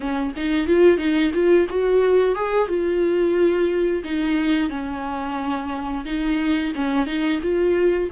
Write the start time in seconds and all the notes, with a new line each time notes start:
0.00 C#4
0.36 D#4
0.67 F4
0.97 D#4
1.33 F4
1.69 F#4
2.35 G#4
2.68 F4
4.04 D#4
4.69 C#4
6.05 D#4
6.75 C#4
7.06 D#4
7.42 F4